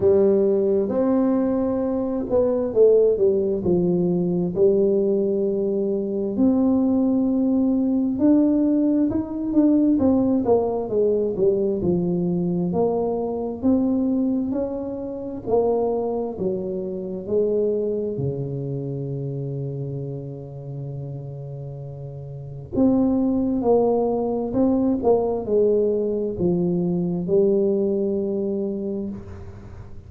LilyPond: \new Staff \with { instrumentName = "tuba" } { \time 4/4 \tempo 4 = 66 g4 c'4. b8 a8 g8 | f4 g2 c'4~ | c'4 d'4 dis'8 d'8 c'8 ais8 | gis8 g8 f4 ais4 c'4 |
cis'4 ais4 fis4 gis4 | cis1~ | cis4 c'4 ais4 c'8 ais8 | gis4 f4 g2 | }